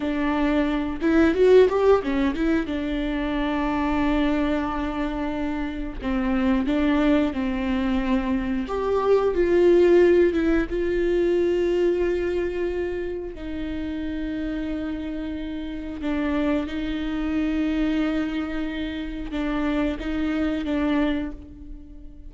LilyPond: \new Staff \with { instrumentName = "viola" } { \time 4/4 \tempo 4 = 90 d'4. e'8 fis'8 g'8 cis'8 e'8 | d'1~ | d'4 c'4 d'4 c'4~ | c'4 g'4 f'4. e'8 |
f'1 | dis'1 | d'4 dis'2.~ | dis'4 d'4 dis'4 d'4 | }